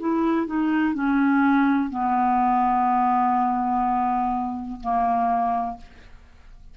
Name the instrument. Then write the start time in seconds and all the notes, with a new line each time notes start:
clarinet
0.00 E4
0.47 D#4
0.94 C#4
1.90 B3
4.81 A#3